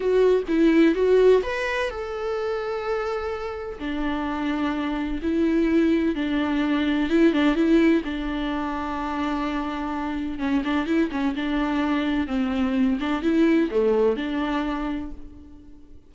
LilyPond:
\new Staff \with { instrumentName = "viola" } { \time 4/4 \tempo 4 = 127 fis'4 e'4 fis'4 b'4 | a'1 | d'2. e'4~ | e'4 d'2 e'8 d'8 |
e'4 d'2.~ | d'2 cis'8 d'8 e'8 cis'8 | d'2 c'4. d'8 | e'4 a4 d'2 | }